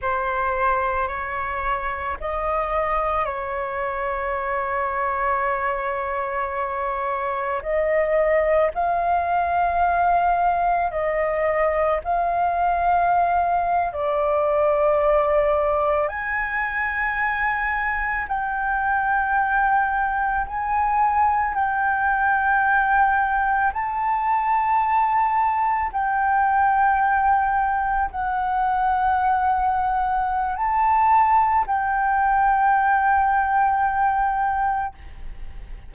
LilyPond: \new Staff \with { instrumentName = "flute" } { \time 4/4 \tempo 4 = 55 c''4 cis''4 dis''4 cis''4~ | cis''2. dis''4 | f''2 dis''4 f''4~ | f''8. d''2 gis''4~ gis''16~ |
gis''8. g''2 gis''4 g''16~ | g''4.~ g''16 a''2 g''16~ | g''4.~ g''16 fis''2~ fis''16 | a''4 g''2. | }